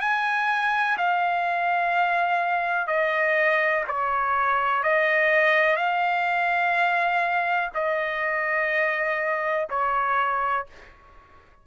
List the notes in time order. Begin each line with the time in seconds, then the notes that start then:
0.00 G#5
0.97 F5
2.87 D#5
3.87 C#5
4.83 D#5
5.76 F5
7.74 D#5
9.69 C#5